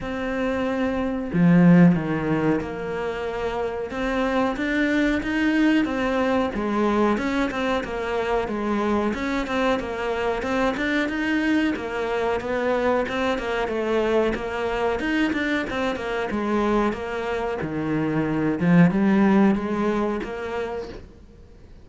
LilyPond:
\new Staff \with { instrumentName = "cello" } { \time 4/4 \tempo 4 = 92 c'2 f4 dis4 | ais2 c'4 d'4 | dis'4 c'4 gis4 cis'8 c'8 | ais4 gis4 cis'8 c'8 ais4 |
c'8 d'8 dis'4 ais4 b4 | c'8 ais8 a4 ais4 dis'8 d'8 | c'8 ais8 gis4 ais4 dis4~ | dis8 f8 g4 gis4 ais4 | }